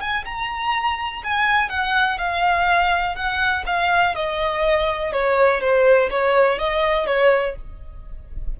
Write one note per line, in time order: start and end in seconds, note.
0.00 0.24 G#5
0.25 1.22 A#5
1.23 1.69 G#5
1.69 2.18 F#5
2.18 3.15 F5
3.15 3.64 F#5
3.66 4.15 F5
4.15 5.12 D#5
5.12 5.60 C#5
5.60 6.09 C5
6.10 6.59 C#5
6.59 7.06 D#5
7.06 7.55 C#5